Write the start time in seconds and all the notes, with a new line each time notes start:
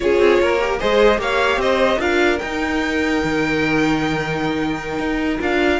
0.00 C#4 F4 G#4 C#5
0.18 C4
0.40 A#3 A#4
0.59 G4
0.79 G#3 G#4 C5 D#5
1.18 A#3 G4 C#5 F5
1.56 C4 C5 D#5
1.99 D4 F4 A#4 F5
2.38 D#4 G5
3.23 D#3
4.99 D#4
5.39 D4 F4 F5